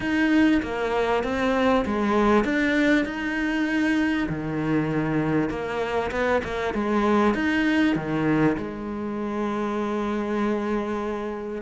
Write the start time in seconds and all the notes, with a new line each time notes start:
0.00 D#4
0.62 A#3
1.23 C4
1.85 G#3
2.44 D4
3.05 D#4
4.29 D#3
5.49 A#3
6.11 B3
6.44 A#3
6.73 G#3
7.34 D#4
7.95 D#3
8.57 G#3